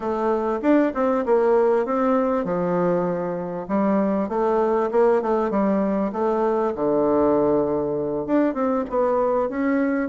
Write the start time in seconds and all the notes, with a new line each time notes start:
0.00 A3
0.62 D4
0.94 C4
1.25 A#3
1.85 C4
2.44 F3
3.68 G3
4.29 A3
4.91 A#3
5.22 A3
5.50 G3
6.12 A3
6.75 D3
8.26 D4
8.54 C4
8.89 B3
9.49 C#4